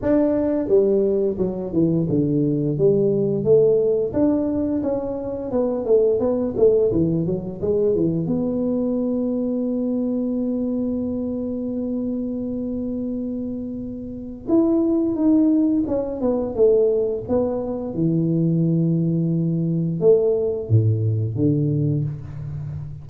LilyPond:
\new Staff \with { instrumentName = "tuba" } { \time 4/4 \tempo 4 = 87 d'4 g4 fis8 e8 d4 | g4 a4 d'4 cis'4 | b8 a8 b8 a8 e8 fis8 gis8 e8 | b1~ |
b1~ | b4 e'4 dis'4 cis'8 b8 | a4 b4 e2~ | e4 a4 a,4 d4 | }